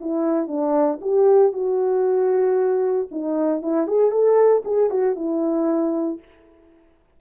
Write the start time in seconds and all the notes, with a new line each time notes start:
0.00 E4
0.47 D4
1.01 G4
1.53 F#4
3.11 D#4
3.62 E4
3.87 G#4
4.11 A4
4.65 G#4
4.89 F#4
5.16 E4